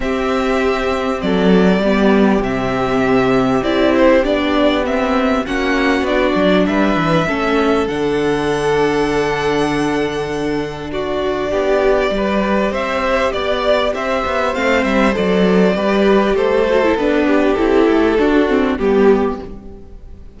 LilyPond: <<
  \new Staff \with { instrumentName = "violin" } { \time 4/4 \tempo 4 = 99 e''2 d''2 | e''2 d''8 c''8 d''4 | e''4 fis''4 d''4 e''4~ | e''4 fis''2.~ |
fis''2 d''2~ | d''4 e''4 d''4 e''4 | f''8 e''8 d''2 c''4 | b'4 a'2 g'4 | }
  \new Staff \with { instrumentName = "violin" } { \time 4/4 g'2 a'4 g'4~ | g'1~ | g'4 fis'2 b'4 | a'1~ |
a'2 fis'4 g'4 | b'4 c''4 d''4 c''4~ | c''2 b'4 a'4~ | a'8 g'4. fis'4 g'4 | }
  \new Staff \with { instrumentName = "viola" } { \time 4/4 c'2. b4 | c'2 e'4 d'4 | c'4 cis'4 d'2 | cis'4 d'2.~ |
d'1 | g'1 | c'4 a'4 g'4. fis'16 e'16 | d'4 e'4 d'8 c'8 b4 | }
  \new Staff \with { instrumentName = "cello" } { \time 4/4 c'2 fis4 g4 | c2 c'4 b4~ | b4 ais4 b8 fis8 g8 e8 | a4 d2.~ |
d2. b4 | g4 c'4 b4 c'8 b8 | a8 g8 fis4 g4 a4 | b4 c'8 a8 d'4 g4 | }
>>